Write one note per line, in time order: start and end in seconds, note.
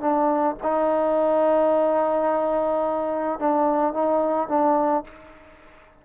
0.00 0.56 D4
0.63 3.39 D#4
3.39 3.93 D4
3.93 4.48 D#4
4.48 5.04 D4